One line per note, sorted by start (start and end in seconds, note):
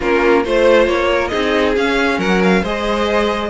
0.00 0.45 A#3
0.00 0.44 C#4
0.00 0.43 F4
0.00 0.44 A#4
0.43 0.87 A3
0.43 1.31 F4
0.43 1.09 C5
0.43 0.87 C5
0.87 1.31 A#3
0.87 1.28 C#5
1.12 1.30 A#4
1.28 1.77 C4
1.28 1.75 D#4
1.28 2.18 G#4
1.28 1.71 D#5
1.75 2.62 C#4
1.75 2.18 C#4
1.75 2.20 F5
2.18 2.62 F#3
2.18 2.61 A#4
2.18 2.41 F#5
2.43 2.64 F5
2.62 3.50 G#3
2.62 3.50 G#4
2.62 3.49 C5
2.62 3.50 D#5